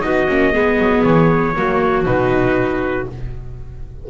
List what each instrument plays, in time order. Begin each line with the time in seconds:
0.00 double bass B3, viola D#4, clarinet F#4, trumpet D#5
0.28 double bass A#3, viola C#4
0.51 double bass G#3, viola B3, clarinet G#4
0.78 double bass F#3
1.03 double bass E3, trumpet C#5
1.55 double bass F#3, viola A#3, clarinet F#4
2.05 double bass B2, viola D#4, trumpet B4